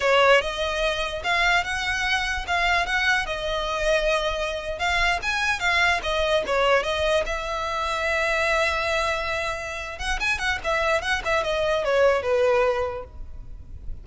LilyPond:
\new Staff \with { instrumentName = "violin" } { \time 4/4 \tempo 4 = 147 cis''4 dis''2 f''4 | fis''2 f''4 fis''4 | dis''2.~ dis''8. f''16~ | f''8. gis''4 f''4 dis''4 cis''16~ |
cis''8. dis''4 e''2~ e''16~ | e''1~ | e''8 fis''8 gis''8 fis''8 e''4 fis''8 e''8 | dis''4 cis''4 b'2 | }